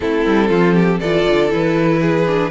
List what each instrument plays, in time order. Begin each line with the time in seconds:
0.00 cello A3, viola C4, violin E4 A4
0.26 cello G3
0.48 cello F3, violin F4
0.74 violin G4
0.99 cello E3, viola F4, violin A4 D5
1.28 cello D3
1.49 cello E3, viola E4, violin B4
2.01 violin G#4
2.27 viola D4